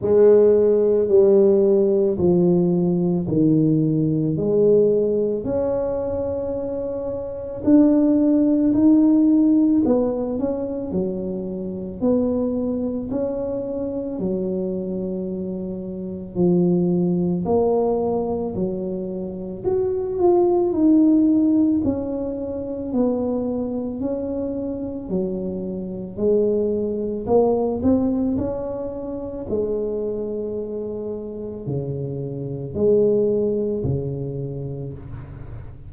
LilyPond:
\new Staff \with { instrumentName = "tuba" } { \time 4/4 \tempo 4 = 55 gis4 g4 f4 dis4 | gis4 cis'2 d'4 | dis'4 b8 cis'8 fis4 b4 | cis'4 fis2 f4 |
ais4 fis4 fis'8 f'8 dis'4 | cis'4 b4 cis'4 fis4 | gis4 ais8 c'8 cis'4 gis4~ | gis4 cis4 gis4 cis4 | }